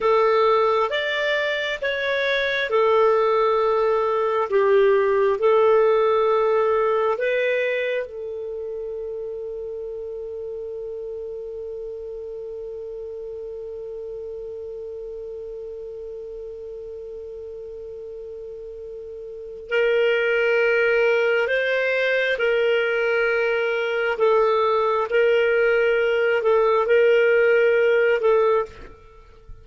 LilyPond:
\new Staff \with { instrumentName = "clarinet" } { \time 4/4 \tempo 4 = 67 a'4 d''4 cis''4 a'4~ | a'4 g'4 a'2 | b'4 a'2.~ | a'1~ |
a'1~ | a'2 ais'2 | c''4 ais'2 a'4 | ais'4. a'8 ais'4. a'8 | }